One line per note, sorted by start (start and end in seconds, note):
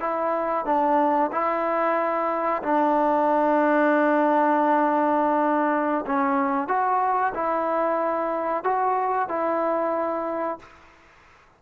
0.00 0.65 E4
0.65 1.30 D4
1.31 2.62 E4
2.62 6.05 D4
6.06 6.68 C#4
6.68 7.33 F#4
7.34 8.64 E4
8.64 9.28 F#4
9.28 10.59 E4